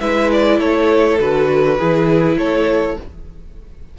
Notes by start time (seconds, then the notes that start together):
0.00 G#3 E4 B4 E5
0.32 D5
0.59 A3 A4 C#5
1.20 D3 F#4 B4
1.78 E3 E4 G#4
2.38 A3 A4 C#5